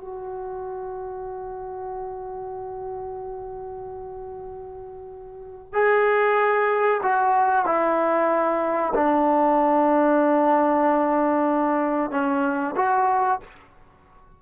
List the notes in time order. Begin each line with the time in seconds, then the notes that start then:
0.00 F#4
5.74 G#4
7.03 F#4
7.65 E4
8.94 D4
12.11 C#4
12.76 F#4